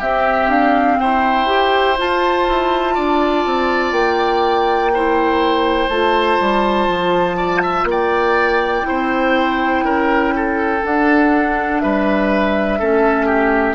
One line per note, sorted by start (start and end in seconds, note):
0.00 1.47 C4
0.00 0.48 C4
0.00 0.98 G4
0.00 0.50 E5
0.48 0.97 D4
0.48 1.00 F5
1.00 2.00 E4
1.00 2.95 C5
1.00 1.98 G5
1.47 1.96 G4
1.98 4.93 F4
1.98 2.49 F4
1.98 3.93 A5
2.49 2.98 E4
2.95 3.46 D4
2.95 4.92 D5
3.46 3.92 C4
3.92 5.89 A#3
3.92 5.89 G5
4.94 5.90 E4
4.94 7.37 C5
5.89 6.39 A3
5.89 8.83 F4
5.89 7.86 A5
6.40 6.88 G3
6.88 7.84 F3
7.37 7.62 D5
7.63 7.87 E5
7.84 8.83 A#3
7.91 8.88 D5
7.91 10.86 G5
8.83 10.80 E4
8.83 9.85 C5
8.90 9.84 C4
9.84 10.82 C#4
9.84 10.34 A#4
10.36 11.83 A4
10.84 12.81 D4
10.84 11.84 D4
10.84 11.80 F#5
11.80 12.81 G3
11.80 12.79 B4
11.80 13.75 E5
12.79 13.75 A3
12.79 13.75 C#4
12.79 13.26 A4
13.26 13.75 G4